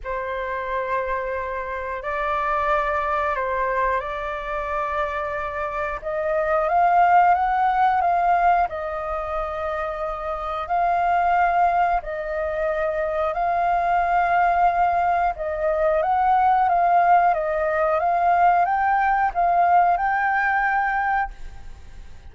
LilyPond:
\new Staff \with { instrumentName = "flute" } { \time 4/4 \tempo 4 = 90 c''2. d''4~ | d''4 c''4 d''2~ | d''4 dis''4 f''4 fis''4 | f''4 dis''2. |
f''2 dis''2 | f''2. dis''4 | fis''4 f''4 dis''4 f''4 | g''4 f''4 g''2 | }